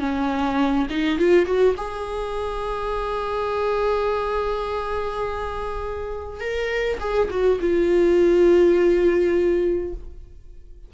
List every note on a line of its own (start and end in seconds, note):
0.00 0.87 C#4
0.90 1.19 D#4
1.19 1.46 F4
1.46 1.75 F#4
1.78 6.41 G#4
6.41 6.99 A#4
7.00 7.29 G#4
7.31 7.60 F#4
7.61 9.94 F4